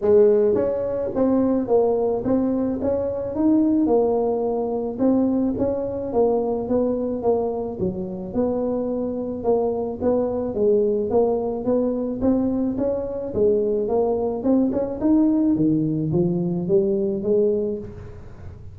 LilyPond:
\new Staff \with { instrumentName = "tuba" } { \time 4/4 \tempo 4 = 108 gis4 cis'4 c'4 ais4 | c'4 cis'4 dis'4 ais4~ | ais4 c'4 cis'4 ais4 | b4 ais4 fis4 b4~ |
b4 ais4 b4 gis4 | ais4 b4 c'4 cis'4 | gis4 ais4 c'8 cis'8 dis'4 | dis4 f4 g4 gis4 | }